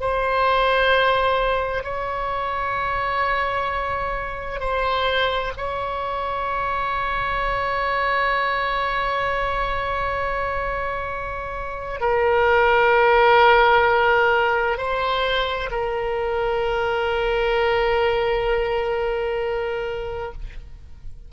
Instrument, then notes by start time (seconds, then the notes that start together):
oboe
0.00 C5
1.84 C#5
4.60 C5
5.57 C#5
12.01 A#4
14.78 C5
15.71 A#4